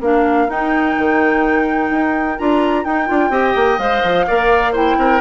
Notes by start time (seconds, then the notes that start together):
0.00 A#3 D4 A#4 F5
0.48 D#4 G5
0.98 D#3
1.90 D#4
2.38 D4 F4 A#5
2.84 D#4 G5
3.07 D4 F4
3.30 C4 G4 D#5
3.55 A#3
3.78 G#3 C5 F5
4.03 F3
4.27 A#3 A#4 D5
4.72 E4 C5 G5
4.97 C4 A#4